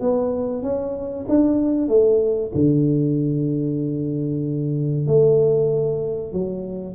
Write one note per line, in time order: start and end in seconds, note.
0.00 0.62 B3
0.62 1.25 C#4
1.28 1.88 D4
1.88 2.51 A3
2.54 5.06 D3
5.06 6.32 A3
6.32 6.94 F#3